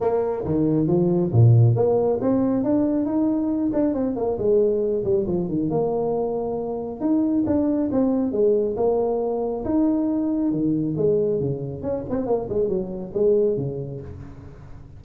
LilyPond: \new Staff \with { instrumentName = "tuba" } { \time 4/4 \tempo 4 = 137 ais4 dis4 f4 ais,4 | ais4 c'4 d'4 dis'4~ | dis'8 d'8 c'8 ais8 gis4. g8 | f8 dis8 ais2. |
dis'4 d'4 c'4 gis4 | ais2 dis'2 | dis4 gis4 cis4 cis'8 c'8 | ais8 gis8 fis4 gis4 cis4 | }